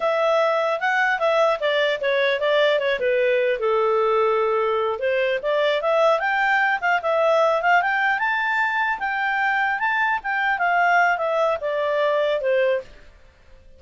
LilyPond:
\new Staff \with { instrumentName = "clarinet" } { \time 4/4 \tempo 4 = 150 e''2 fis''4 e''4 | d''4 cis''4 d''4 cis''8 b'8~ | b'4 a'2.~ | a'8 c''4 d''4 e''4 g''8~ |
g''4 f''8 e''4. f''8 g''8~ | g''8 a''2 g''4.~ | g''8 a''4 g''4 f''4. | e''4 d''2 c''4 | }